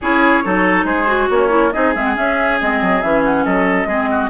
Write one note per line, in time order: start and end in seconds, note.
0.01 0.45 C#4
0.01 0.44 E4
0.01 0.44 G#4
0.01 0.85 C#5
0.44 0.84 F#3
0.44 1.06 D#4
0.44 0.85 A4
0.84 1.27 G#3
0.84 1.29 G#4
0.84 1.28 C5
1.06 1.49 F#4
1.29 1.72 A#3
1.29 1.73 C#4
1.29 1.72 C#5
1.49 1.70 E4
1.72 1.95 C4
1.72 1.94 D#4
1.72 3.44 G#4
1.72 1.93 D#5
1.94 2.16 G#3
1.94 2.14 C4
1.94 2.04 E5
2.04 2.15 F#5
2.14 2.57 C#4
2.14 2.60 C#4
2.14 2.59 E5
2.60 2.81 G#3
2.60 3.03 C4
2.60 3.01 D#5
2.81 3.02 F#3
3.01 3.45 E3
3.01 3.88 C#4
3.01 3.23 E5
3.24 3.44 F#5
3.44 3.85 F#3
3.44 3.87 A4
3.44 4.29 D#5
3.85 4.28 G#3
3.85 4.29 C4
3.85 4.09 G#4
4.11 4.29 F#4